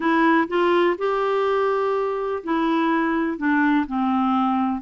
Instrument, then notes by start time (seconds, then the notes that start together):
clarinet
0.00 E4
0.48 F4
0.98 G4
2.43 E4
3.37 D4
3.86 C4